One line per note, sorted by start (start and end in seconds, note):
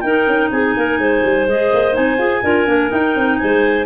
0.00 0.26 D#4
0.00 1.49 D#4
0.00 0.51 A#4
0.00 0.48 G5
0.26 0.50 C#4
0.51 0.75 C4
0.51 0.75 G#4
0.51 1.47 G#5
0.76 0.98 A#3
0.76 1.00 A#4
0.98 1.22 G#3
0.98 2.42 C5
1.23 1.47 G3
1.47 1.71 G#3
1.47 1.92 G#4
1.47 1.95 D#5
1.73 1.97 A#3
1.92 2.18 C4
1.92 2.16 D#4
1.92 2.91 G#5
2.18 2.42 F4
2.18 2.42 G#4
2.42 2.67 D4
2.42 2.66 F4
2.42 3.38 A#4
2.66 2.91 A#3
2.66 2.88 D4
2.88 3.84 D#4
2.88 3.15 D#4
2.88 3.38 G5
3.15 3.39 C4
3.38 3.86 G#3
3.38 3.86 C5
3.38 3.85 G#5